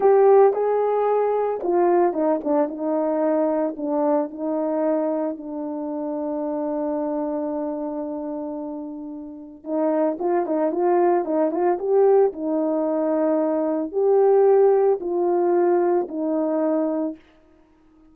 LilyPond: \new Staff \with { instrumentName = "horn" } { \time 4/4 \tempo 4 = 112 g'4 gis'2 f'4 | dis'8 d'8 dis'2 d'4 | dis'2 d'2~ | d'1~ |
d'2 dis'4 f'8 dis'8 | f'4 dis'8 f'8 g'4 dis'4~ | dis'2 g'2 | f'2 dis'2 | }